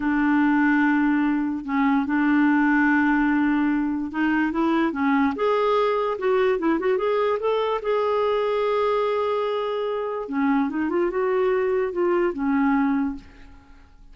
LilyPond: \new Staff \with { instrumentName = "clarinet" } { \time 4/4 \tempo 4 = 146 d'1 | cis'4 d'2.~ | d'2 dis'4 e'4 | cis'4 gis'2 fis'4 |
e'8 fis'8 gis'4 a'4 gis'4~ | gis'1~ | gis'4 cis'4 dis'8 f'8 fis'4~ | fis'4 f'4 cis'2 | }